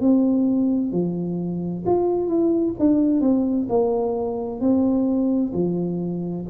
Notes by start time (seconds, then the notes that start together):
0.00 C4
0.91 F3
1.85 F4
2.27 E4
2.79 D4
3.21 C4
3.69 A#3
4.60 C4
5.53 F3